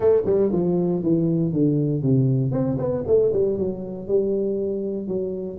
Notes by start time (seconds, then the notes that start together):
0.00 A3
0.25 G3
0.52 F3
1.03 E3
1.53 D3
2.02 C3
2.51 C4
2.78 B3
3.06 A3
3.32 G3
3.57 F#3
4.07 G3
5.07 F#3